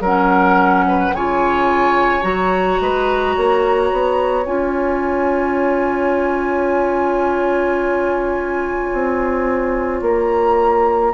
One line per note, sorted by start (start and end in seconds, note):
0.00 1.11 F#3
0.00 1.16 C#4
0.00 0.84 A#4
0.00 1.15 F#5
0.88 1.15 B4
1.12 2.23 C#3
1.12 2.21 F4
1.12 2.81 C#5
1.12 2.23 G#5
2.21 2.79 F#3
2.21 4.44 F#4
2.21 4.45 A#5
2.81 3.36 G#3
2.81 3.36 B4
3.36 3.92 A#3
3.36 11.14 C#5
3.92 4.46 B3
4.46 8.90 C#4
4.46 11.12 F4
4.46 10.02 G#5
8.93 10.02 C4
10.02 11.13 A#3
10.02 11.14 A#5